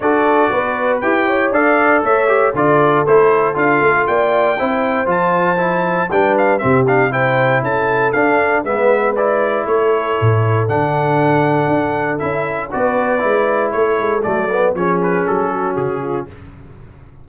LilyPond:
<<
  \new Staff \with { instrumentName = "trumpet" } { \time 4/4 \tempo 4 = 118 d''2 g''4 f''4 | e''4 d''4 c''4 f''4 | g''2 a''2 | g''8 f''8 e''8 f''8 g''4 a''4 |
f''4 e''4 d''4 cis''4~ | cis''4 fis''2. | e''4 d''2 cis''4 | d''4 cis''8 b'8 a'4 gis'4 | }
  \new Staff \with { instrumentName = "horn" } { \time 4/4 a'4 b'4. cis''8 d''4 | cis''4 a'2. | d''4 c''2. | b'4 g'4 c''4 a'4~ |
a'4 b'2 a'4~ | a'1~ | a'4 b'2 a'4~ | a'4 gis'4. fis'4 f'8 | }
  \new Staff \with { instrumentName = "trombone" } { \time 4/4 fis'2 g'4 a'4~ | a'8 g'8 f'4 e'4 f'4~ | f'4 e'4 f'4 e'4 | d'4 c'8 d'8 e'2 |
d'4 b4 e'2~ | e'4 d'2. | e'4 fis'4 e'2 | a8 b8 cis'2. | }
  \new Staff \with { instrumentName = "tuba" } { \time 4/4 d'4 b4 e'4 d'4 | a4 d4 a4 d'8 a8 | ais4 c'4 f2 | g4 c2 cis'4 |
d'4 gis2 a4 | a,4 d2 d'4 | cis'4 b4 gis4 a8 gis8 | fis4 f4 fis4 cis4 | }
>>